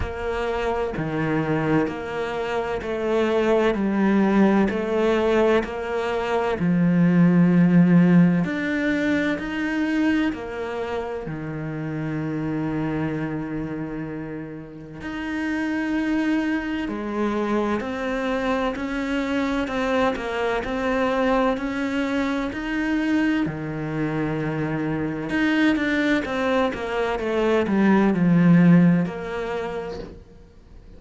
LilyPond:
\new Staff \with { instrumentName = "cello" } { \time 4/4 \tempo 4 = 64 ais4 dis4 ais4 a4 | g4 a4 ais4 f4~ | f4 d'4 dis'4 ais4 | dis1 |
dis'2 gis4 c'4 | cis'4 c'8 ais8 c'4 cis'4 | dis'4 dis2 dis'8 d'8 | c'8 ais8 a8 g8 f4 ais4 | }